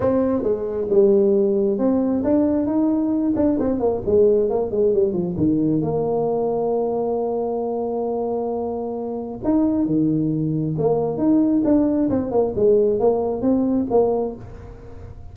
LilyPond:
\new Staff \with { instrumentName = "tuba" } { \time 4/4 \tempo 4 = 134 c'4 gis4 g2 | c'4 d'4 dis'4. d'8 | c'8 ais8 gis4 ais8 gis8 g8 f8 | dis4 ais2.~ |
ais1~ | ais4 dis'4 dis2 | ais4 dis'4 d'4 c'8 ais8 | gis4 ais4 c'4 ais4 | }